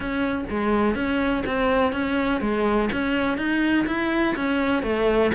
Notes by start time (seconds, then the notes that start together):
0.00 C#4
0.50 G#3
0.95 C#4
1.46 C4
1.92 C#4
2.40 G#3
2.92 C#4
3.37 D#4
3.86 E4
4.35 C#4
4.82 A3